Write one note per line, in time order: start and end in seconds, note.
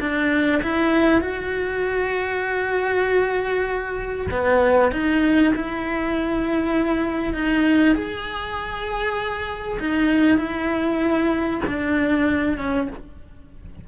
0.00 0.61 D4
0.62 1.21 E4
1.21 4.27 F#4
4.31 4.91 B3
4.91 5.53 D#4
5.55 7.34 E4
7.34 7.95 D#4
7.95 9.78 G#4
9.79 10.37 D#4
10.37 11.60 E4
11.67 12.57 D4
12.57 12.88 C#4